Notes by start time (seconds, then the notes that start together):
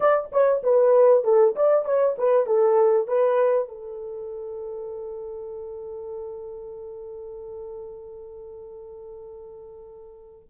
0.00 D5
0.31 C#5
0.63 B4
1.24 A4
1.55 D5
1.85 C#5
2.18 B4
2.46 A4
3.07 B4
3.68 A4